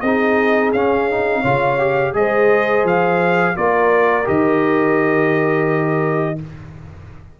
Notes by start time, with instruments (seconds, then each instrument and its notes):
0.00 tuba C4, trombone D#4, horn G#4, trumpet D#5
0.72 tuba C#4, trombone C#4, trumpet F5
1.10 trombone D#4
1.40 tuba C#3, trombone F4, horn C#5
1.79 trombone G4
2.13 tuba G#3, trombone G#4, horn C5, trumpet D#5
2.84 tuba F3, trumpet F5
3.55 tuba A#3, trombone F4, horn A#4, trumpet D5
4.24 tuba D#3, trombone G4, trumpet D#5